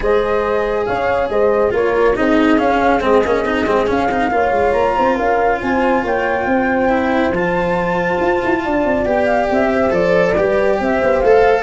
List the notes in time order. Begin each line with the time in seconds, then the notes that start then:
0.00 G#3 G#4 C5 D#5
0.85 C#4 C#5 F5
1.28 G#3 C5 D#5
1.70 A#3 F4 A#4 C#5
2.15 C4 D#4 G#4 D#5
2.57 C#4 F5
3.00 G#3 C4 D#5
3.25 A#3 C#4
3.44 C4 D#4
3.66 G#3 C4
3.86 C#4 F5
4.10 C4 D#4
4.31 A#3 F4 C#5
4.51 G#3
4.72 A#3 A#5
4.96 C4 C5
5.15 C#4 A#4 F5
5.61 C4 C5 G#5
6.03 A#3 C#5 G5
6.45 C4 C5
6.89 E4
7.30 F3 F4 A5
8.21 F4
8.44 E4
8.64 D4 D5
8.84 C4
9.05 B3 G4 G5
9.25 F5
9.50 C4 E5
9.72 C5
9.90 F3 A4 D5
10.35 G3 G4 B4
10.79 C4 C5 E5
11.02 B3
11.20 A3 A4 F5